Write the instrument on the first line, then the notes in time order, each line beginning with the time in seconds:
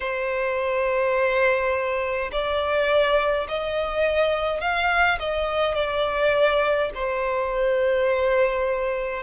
violin
0.00 C5
2.31 D5
3.48 D#5
4.60 F5
5.19 D#5
5.74 D5
6.94 C5